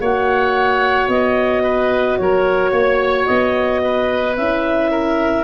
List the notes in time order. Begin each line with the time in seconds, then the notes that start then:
0.00 A#3 F#4 C#5 F#5
1.08 B3 D#5
1.63 B4
2.18 F#3 A#4 C#5
2.71 A#3 C#5
3.26 B3 D#5
3.83 B4
4.36 C#4 E4 E5
4.91 A#4